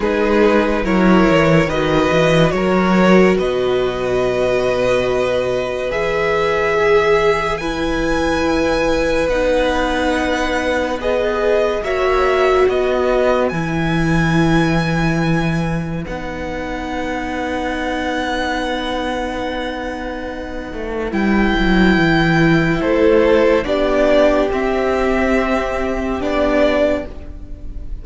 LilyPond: <<
  \new Staff \with { instrumentName = "violin" } { \time 4/4 \tempo 4 = 71 b'4 cis''4 dis''4 cis''4 | dis''2. e''4~ | e''4 gis''2 fis''4~ | fis''4 dis''4 e''4 dis''4 |
gis''2. fis''4~ | fis''1~ | fis''4 g''2 c''4 | d''4 e''2 d''4 | }
  \new Staff \with { instrumentName = "violin" } { \time 4/4 gis'4 ais'4 b'4 ais'4 | b'1 | gis'4 b'2.~ | b'2 cis''4 b'4~ |
b'1~ | b'1~ | b'2. a'4 | g'1 | }
  \new Staff \with { instrumentName = "viola" } { \time 4/4 dis'4 e'4 fis'2~ | fis'2. gis'4~ | gis'4 e'2 dis'4~ | dis'4 gis'4 fis'2 |
e'2. dis'4~ | dis'1~ | dis'4 e'2. | d'4 c'2 d'4 | }
  \new Staff \with { instrumentName = "cello" } { \time 4/4 gis4 fis8 e8 dis8 e8 fis4 | b,2. e4~ | e2. b4~ | b2 ais4 b4 |
e2. b4~ | b1~ | b8 a8 g8 fis8 e4 a4 | b4 c'2 b4 | }
>>